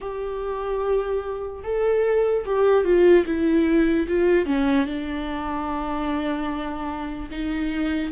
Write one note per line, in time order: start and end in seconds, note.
0.00 1.63 G4
1.63 2.44 A4
2.45 2.84 G4
2.84 3.24 F4
3.25 4.07 E4
4.08 4.45 F4
4.45 4.86 C#4
4.86 7.29 D4
7.30 8.12 D#4